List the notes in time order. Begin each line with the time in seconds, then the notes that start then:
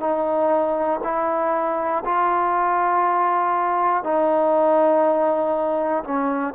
0.00 D#4
1.04 E4
2.05 F4
4.04 D#4
6.04 C#4